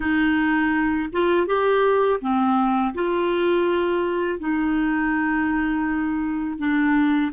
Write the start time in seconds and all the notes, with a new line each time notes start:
0.00 D#4
1.12 F4
1.46 G4
2.20 C4
2.94 F4
4.39 D#4
6.58 D4